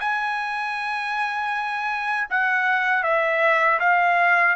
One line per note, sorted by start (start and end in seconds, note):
0.00 2.28 G#5
2.30 3.03 F#5
3.03 3.79 E5
3.79 4.55 F5